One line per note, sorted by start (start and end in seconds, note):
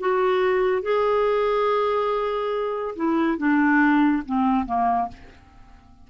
0.00 0.83 F#4
0.83 2.95 G#4
2.96 3.38 E4
3.38 4.23 D4
4.26 4.66 C4
4.66 5.09 A#3